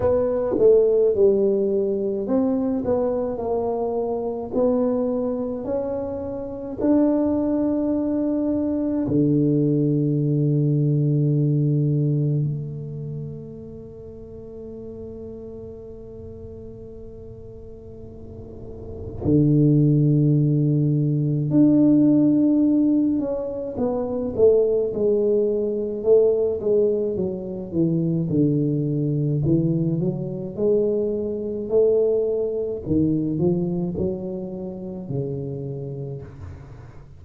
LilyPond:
\new Staff \with { instrumentName = "tuba" } { \time 4/4 \tempo 4 = 53 b8 a8 g4 c'8 b8 ais4 | b4 cis'4 d'2 | d2. a4~ | a1~ |
a4 d2 d'4~ | d'8 cis'8 b8 a8 gis4 a8 gis8 | fis8 e8 d4 e8 fis8 gis4 | a4 dis8 f8 fis4 cis4 | }